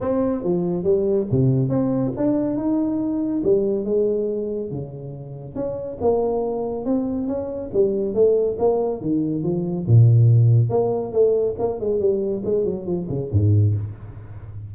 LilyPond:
\new Staff \with { instrumentName = "tuba" } { \time 4/4 \tempo 4 = 140 c'4 f4 g4 c4 | c'4 d'4 dis'2 | g4 gis2 cis4~ | cis4 cis'4 ais2 |
c'4 cis'4 g4 a4 | ais4 dis4 f4 ais,4~ | ais,4 ais4 a4 ais8 gis8 | g4 gis8 fis8 f8 cis8 gis,4 | }